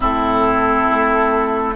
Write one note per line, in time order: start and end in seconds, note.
0.00 0.85 A2
0.00 1.75 C4
0.00 1.74 E4
0.00 1.75 A4
0.90 1.75 A3